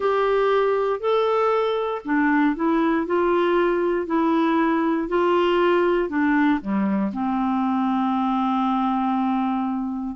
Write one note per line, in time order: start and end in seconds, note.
0.00 0.99 G4
0.99 2.01 A4
2.04 2.55 D4
2.55 3.06 E4
3.06 4.06 F4
4.06 5.08 E4
5.08 6.09 F4
6.09 6.60 D4
6.61 7.12 G3
7.12 10.16 C4